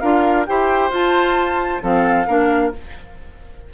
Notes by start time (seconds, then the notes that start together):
0.00 D4 F4 A#4 F5
0.46 E4 G4 C5 G5
0.90 F4 A5
1.82 F3 C4 A4 F5
2.27 A#3 D4 A#4